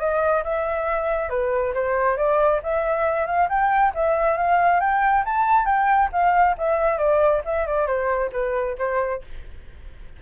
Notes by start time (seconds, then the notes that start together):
0.00 D#5
0.44 E5
1.30 B4
1.75 C5
2.17 D5
2.63 E5
3.27 F5
3.49 G5
3.95 E5
4.38 F5
4.81 G5
5.25 A5
5.66 G5
6.13 F5
6.58 E5
6.98 D5
7.45 E5
7.67 D5
7.87 C5
8.33 B4
8.78 C5